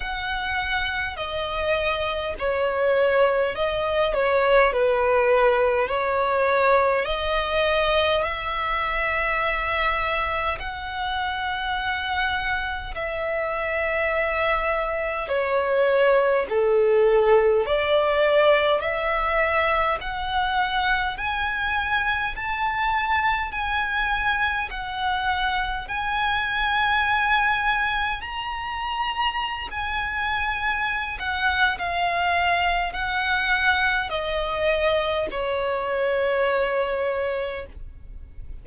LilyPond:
\new Staff \with { instrumentName = "violin" } { \time 4/4 \tempo 4 = 51 fis''4 dis''4 cis''4 dis''8 cis''8 | b'4 cis''4 dis''4 e''4~ | e''4 fis''2 e''4~ | e''4 cis''4 a'4 d''4 |
e''4 fis''4 gis''4 a''4 | gis''4 fis''4 gis''2 | ais''4~ ais''16 gis''4~ gis''16 fis''8 f''4 | fis''4 dis''4 cis''2 | }